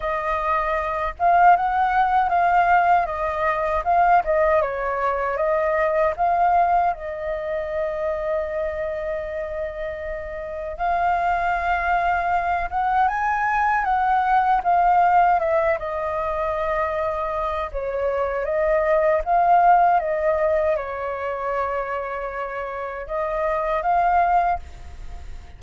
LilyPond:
\new Staff \with { instrumentName = "flute" } { \time 4/4 \tempo 4 = 78 dis''4. f''8 fis''4 f''4 | dis''4 f''8 dis''8 cis''4 dis''4 | f''4 dis''2.~ | dis''2 f''2~ |
f''8 fis''8 gis''4 fis''4 f''4 | e''8 dis''2~ dis''8 cis''4 | dis''4 f''4 dis''4 cis''4~ | cis''2 dis''4 f''4 | }